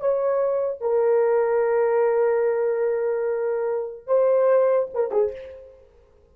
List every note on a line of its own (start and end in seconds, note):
0.00 0.81 C#5
0.81 4.07 A#4
4.07 4.89 C5
4.94 5.11 A#4
5.11 5.32 G#4